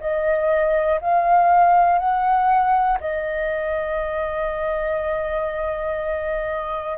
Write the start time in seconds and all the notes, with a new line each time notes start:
0.00 D#5
1.01 F5
1.99 F#5
3.00 D#5